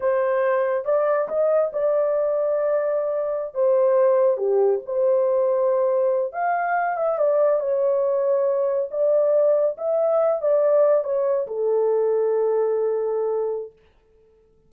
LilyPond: \new Staff \with { instrumentName = "horn" } { \time 4/4 \tempo 4 = 140 c''2 d''4 dis''4 | d''1~ | d''16 c''2 g'4 c''8.~ | c''2~ c''8. f''4~ f''16~ |
f''16 e''8 d''4 cis''2~ cis''16~ | cis''8. d''2 e''4~ e''16~ | e''16 d''4. cis''4 a'4~ a'16~ | a'1 | }